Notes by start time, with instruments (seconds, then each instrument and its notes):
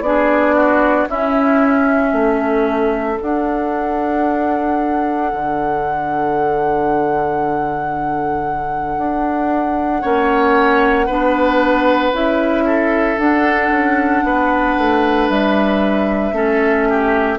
0.00 bassoon B3, clarinet D4, oboe G#4, flute D5
0.55 oboe F#4
1.08 clarinet C#4, bassoon C#4, oboe E4, flute E5
2.12 bassoon A3, oboe A4
3.17 clarinet D4, bassoon D4, flute F#5
5.32 bassoon D3
8.97 bassoon D4
10.01 bassoon A#3, clarinet C#4, oboe C#5
11.06 bassoon B3, clarinet D4, oboe B4
12.11 bassoon C#4, clarinet E4, flute E5
12.66 oboe A4
13.18 clarinet D4, bassoon D4, flute F#5
13.70 bassoon C#4
14.23 bassoon B3, oboe B4
14.77 bassoon A3
15.29 bassoon G3, flute E5
16.32 bassoon A3, clarinet C#4, oboe A4
16.89 oboe G4